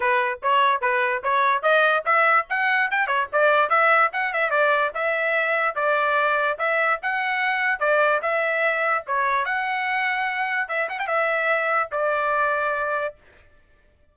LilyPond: \new Staff \with { instrumentName = "trumpet" } { \time 4/4 \tempo 4 = 146 b'4 cis''4 b'4 cis''4 | dis''4 e''4 fis''4 g''8 cis''8 | d''4 e''4 fis''8 e''8 d''4 | e''2 d''2 |
e''4 fis''2 d''4 | e''2 cis''4 fis''4~ | fis''2 e''8 fis''16 g''16 e''4~ | e''4 d''2. | }